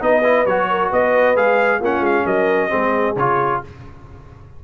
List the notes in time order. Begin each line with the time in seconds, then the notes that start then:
0.00 B3 D#4 B4 D#5
0.24 E4
0.45 F#3 F#4 C#5
0.70 A#4
0.90 B3 B4 D#5
1.36 G#3 G#4 F5
1.80 A#3 C#4 F4 F#5
2.00 G#3 F5
2.26 F#3 A#4 D#5
2.69 G#3 C4 G#4
3.16 C#3 F4 C#5